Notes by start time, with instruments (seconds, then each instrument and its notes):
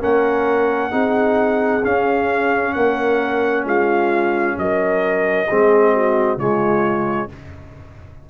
0.00 tuba A#3, trombone C#4, horn A#4, trumpet F#5
0.91 tuba C4, trombone D#4, horn G#4
1.84 trombone C#4, tuba C#4, trumpet F5
2.73 tuba A#3, horn A#4, trumpet F#5
3.65 tuba G#3, horn F4, trumpet F5
4.58 tuba F#3, horn A#4, trumpet D#5
5.48 tuba G#3, trombone C4, horn G#4
5.93 horn F#4
6.37 tuba C#3, trombone G#3, horn F4, trumpet C#5